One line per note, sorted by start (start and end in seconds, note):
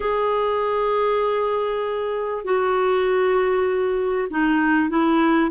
0.00 2.44 G#4
2.44 4.27 F#4
4.30 4.89 D#4
4.89 5.50 E4